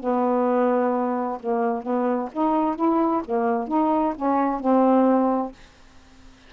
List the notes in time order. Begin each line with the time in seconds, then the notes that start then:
0.00 B3
1.40 A#3
1.83 B3
2.32 D#4
2.76 E4
3.25 A#3
3.68 D#4
4.16 C#4
4.60 C4